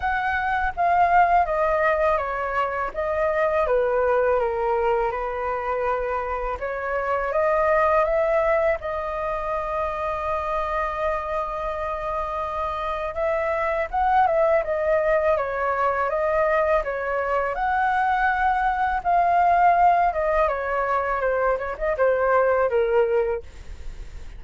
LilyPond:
\new Staff \with { instrumentName = "flute" } { \time 4/4 \tempo 4 = 82 fis''4 f''4 dis''4 cis''4 | dis''4 b'4 ais'4 b'4~ | b'4 cis''4 dis''4 e''4 | dis''1~ |
dis''2 e''4 fis''8 e''8 | dis''4 cis''4 dis''4 cis''4 | fis''2 f''4. dis''8 | cis''4 c''8 cis''16 dis''16 c''4 ais'4 | }